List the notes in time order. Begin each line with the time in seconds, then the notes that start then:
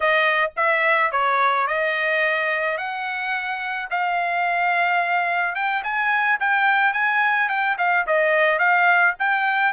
0.00 D#5
0.56 E5
1.11 C#5
1.67 D#5
2.77 F#5
3.90 F5
5.55 G5
5.83 G#5
6.40 G5
6.93 G#5
7.48 G5
7.78 F5
8.07 D#5
8.59 F5
9.19 G5